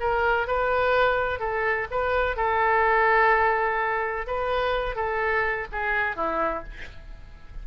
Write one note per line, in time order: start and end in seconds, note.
0.00 0.47 A#4
0.47 1.40 B4
1.40 1.87 A4
1.91 2.36 B4
2.36 4.27 A4
4.27 4.96 B4
4.96 5.67 A4
5.72 6.16 G#4
6.16 6.64 E4